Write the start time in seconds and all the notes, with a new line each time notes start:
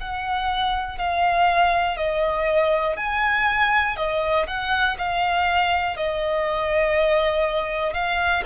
0.00 F#5
0.98 F5
1.97 D#5
2.96 G#5
3.96 D#5
4.47 F#5
4.98 F5
5.96 D#5
7.93 F5